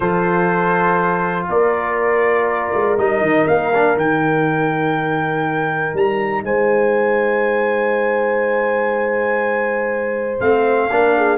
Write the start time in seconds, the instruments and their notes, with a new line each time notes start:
0.00 tuba F3, trombone F4, horn A4, trumpet C5
1.48 tuba A#3, horn A#4, trumpet D5
2.73 tuba G#3
2.98 tuba G3, trombone D#4, trumpet D#5
3.21 tuba D#3
3.47 tuba A#3, trumpet F5
3.74 trombone D4
3.96 tuba D#3, trombone D#4, trumpet G5
5.93 tuba G3, trumpet A#5
6.43 tuba G#3, horn C5, trumpet G#5
10.39 tuba A3, trombone C4, trumpet F5
10.90 tuba A#3, trombone D4, horn A#4
11.17 horn G#4